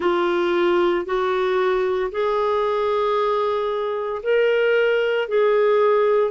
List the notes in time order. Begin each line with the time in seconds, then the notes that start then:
0.00 F4
1.05 F#4
2.11 G#4
4.22 A#4
5.28 G#4